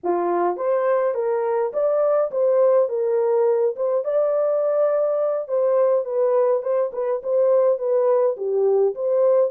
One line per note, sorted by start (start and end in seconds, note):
0.03 0.56 F4
0.56 1.14 C5
1.14 1.72 A#4
1.73 2.31 D5
2.31 2.88 C5
2.88 3.75 A#4
3.76 4.04 C5
4.04 5.48 D5
5.48 6.04 C5
6.04 6.62 B4
6.62 6.91 C5
6.92 7.21 B4
7.23 7.78 C5
7.78 8.36 B4
8.36 8.94 G4
8.94 9.50 C5